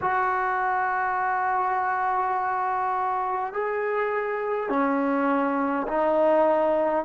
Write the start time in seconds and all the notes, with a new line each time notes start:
0.01 F#4
3.53 G#4
4.68 C#4
5.87 D#4